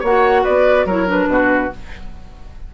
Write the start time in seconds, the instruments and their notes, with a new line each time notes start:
0.00 bassoon A#3, oboe C#5, flute F#5
0.06 clarinet F#4
0.44 bassoon B3, oboe B4, flute D5
0.85 bassoon F#3, clarinet E4, oboe A#4, flute C#5
1.07 clarinet D4, flute B4
1.28 bassoon B2, oboe F#4